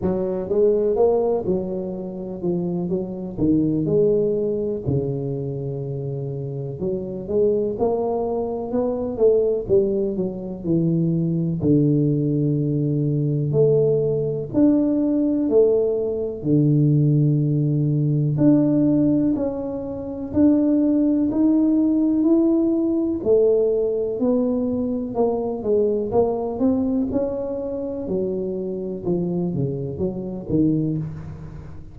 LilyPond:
\new Staff \with { instrumentName = "tuba" } { \time 4/4 \tempo 4 = 62 fis8 gis8 ais8 fis4 f8 fis8 dis8 | gis4 cis2 fis8 gis8 | ais4 b8 a8 g8 fis8 e4 | d2 a4 d'4 |
a4 d2 d'4 | cis'4 d'4 dis'4 e'4 | a4 b4 ais8 gis8 ais8 c'8 | cis'4 fis4 f8 cis8 fis8 dis8 | }